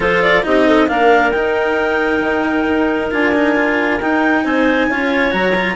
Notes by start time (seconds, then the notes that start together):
0.00 F3 F4 A4 C5
0.22 D5
0.42 C4 D#4 G4 D#5
0.66 A4
0.88 A#3 D4 A#4 F5
1.31 D#4 G5
2.19 D#3
2.68 D#4
3.11 D4 F4 G#5
3.34 D#4
3.55 F4
4.01 D#4 G5
4.44 C4 C5 G#5
4.89 C#4 F4 C#5
5.30 F#3 F#4 A#5
5.55 F4